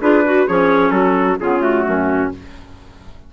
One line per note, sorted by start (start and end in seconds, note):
0.00 0.47 D4
0.00 0.25 F4
0.00 0.23 G#4
0.00 0.47 B4
0.25 0.46 F#4
0.25 0.47 F#4
0.46 0.91 F3
0.46 1.40 C#4
0.46 0.90 G#4
0.46 0.91 C#5
0.90 1.37 F#3
0.90 1.37 F#4
0.90 1.37 A4
1.39 1.86 C#3
1.39 1.59 B3
1.39 1.85 F4
1.39 1.62 G#4
1.59 2.29 A3
1.59 2.32 F#4
1.85 2.33 F#2
1.85 2.32 C#4